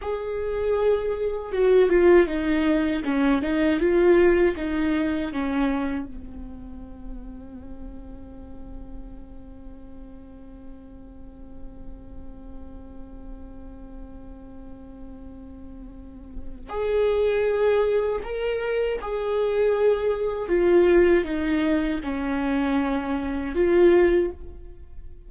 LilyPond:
\new Staff \with { instrumentName = "viola" } { \time 4/4 \tempo 4 = 79 gis'2 fis'8 f'8 dis'4 | cis'8 dis'8 f'4 dis'4 cis'4 | c'1~ | c'1~ |
c'1~ | c'2 gis'2 | ais'4 gis'2 f'4 | dis'4 cis'2 f'4 | }